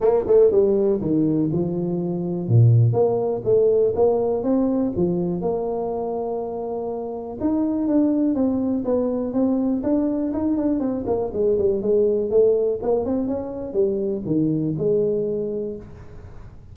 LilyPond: \new Staff \with { instrumentName = "tuba" } { \time 4/4 \tempo 4 = 122 ais8 a8 g4 dis4 f4~ | f4 ais,4 ais4 a4 | ais4 c'4 f4 ais4~ | ais2. dis'4 |
d'4 c'4 b4 c'4 | d'4 dis'8 d'8 c'8 ais8 gis8 g8 | gis4 a4 ais8 c'8 cis'4 | g4 dis4 gis2 | }